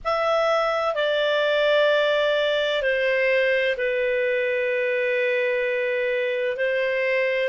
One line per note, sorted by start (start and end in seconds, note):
0.04 0.95 E5
0.95 2.82 D5
2.82 3.75 C5
3.77 6.56 B4
6.56 7.49 C5